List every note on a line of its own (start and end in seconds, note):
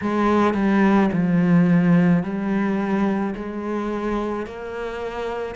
0.01 0.54 G#3
0.54 1.09 G3
1.13 2.23 F3
2.23 3.34 G3
3.35 4.46 G#3
4.46 5.55 A#3